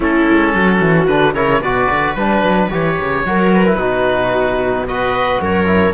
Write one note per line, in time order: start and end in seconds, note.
0.00 0.26 A3
0.00 1.08 C#4
0.00 0.53 E4
0.00 1.06 A4
0.30 0.54 G#3
0.54 0.80 F#3
0.54 1.35 F#4
0.80 1.07 E3
1.06 1.34 D3
1.06 1.35 D4
1.06 1.33 B4
1.34 1.60 C#3
1.34 1.62 E4
1.34 1.60 A#4
1.34 1.61 C#5
1.60 1.87 B2
1.60 2.17 F#4
1.60 3.23 B4
1.60 2.14 D5
1.90 2.15 D3
2.14 2.41 G3
2.14 2.70 D4
2.14 2.68 B4
2.41 2.68 F#3
2.70 2.99 E3
2.70 3.24 G4
2.70 3.52 C#5
3.00 3.25 C#3
3.25 3.75 F#3
3.25 3.66 F#4
3.25 3.78 A#4
3.52 4.87 B4
3.66 3.78 E4
3.75 5.37 B2
3.75 4.86 D#4
3.75 4.86 F#4
4.87 5.65 F#4
4.87 5.41 B4
4.87 5.41 D#5
5.41 5.93 F#2
5.41 5.93 A#4
5.41 5.93 C#5
5.65 5.92 E4